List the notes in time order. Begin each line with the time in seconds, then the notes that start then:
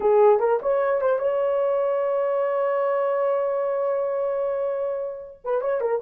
0.00 G#4
0.39 A#4
0.61 C#5
1.01 C5
1.18 C#5
5.44 B4
5.61 C#5
5.81 A#4